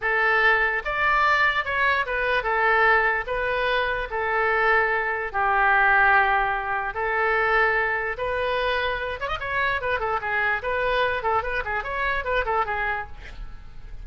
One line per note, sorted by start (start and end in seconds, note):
0.01 0.83 A4
0.84 1.64 D5
1.64 2.05 C#5
2.06 2.43 B4
2.43 3.24 A4
3.27 4.08 B4
4.10 5.32 A4
5.32 6.94 G4
6.94 8.16 A4
8.17 9.19 B4
9.20 9.28 C#5
9.28 9.38 D#5
9.40 9.81 C#5
9.81 9.99 B4
9.99 10.19 A4
10.21 10.62 G#4
10.62 11.22 B4
11.22 11.42 A4
11.42 11.63 B4
11.64 11.83 G#4
11.83 12.24 C#5
12.24 12.44 B4
12.45 12.65 A4
12.65 13.06 G#4